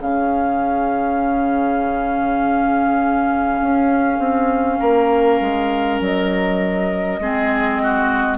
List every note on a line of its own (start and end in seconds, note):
0.00 3.60 C#3
0.00 7.21 C#4
0.00 4.79 G#4
0.00 6.02 F5
3.61 4.19 C#4
4.19 4.79 C4
4.79 5.41 A#3
4.79 7.19 A#4
5.41 6.00 G#3
6.00 7.20 F#3
6.00 8.38 D#5
7.20 8.38 G#3
7.20 8.38 C4
7.20 7.82 G#4
7.83 8.38 F#4